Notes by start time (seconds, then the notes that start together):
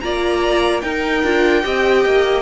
0.00 A#3 F4 D5 A#5
0.81 D#4 A#4 G5
1.23 D4 F4
1.63 C4 G4 D#5
2.05 A#3